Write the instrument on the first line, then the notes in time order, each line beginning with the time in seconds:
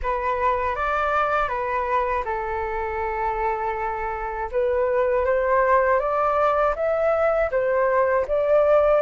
flute
0.02 B4
0.75 D5
1.48 B4
2.25 A4
4.51 B4
5.25 C5
5.99 D5
6.75 E5
7.51 C5
8.27 D5